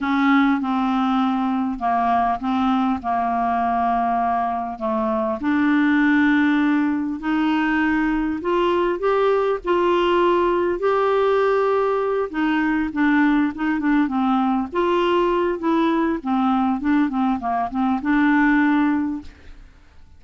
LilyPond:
\new Staff \with { instrumentName = "clarinet" } { \time 4/4 \tempo 4 = 100 cis'4 c'2 ais4 | c'4 ais2. | a4 d'2. | dis'2 f'4 g'4 |
f'2 g'2~ | g'8 dis'4 d'4 dis'8 d'8 c'8~ | c'8 f'4. e'4 c'4 | d'8 c'8 ais8 c'8 d'2 | }